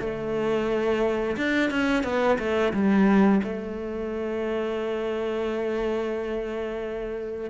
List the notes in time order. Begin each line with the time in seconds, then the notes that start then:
0.00 A3
1.37 D4
1.70 C#4
2.04 B3
2.39 A3
2.73 G3
3.43 A3